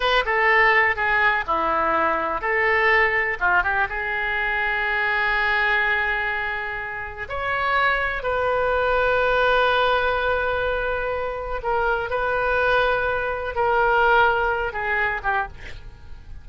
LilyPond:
\new Staff \with { instrumentName = "oboe" } { \time 4/4 \tempo 4 = 124 b'8 a'4. gis'4 e'4~ | e'4 a'2 f'8 g'8 | gis'1~ | gis'2. cis''4~ |
cis''4 b'2.~ | b'1 | ais'4 b'2. | ais'2~ ais'8 gis'4 g'8 | }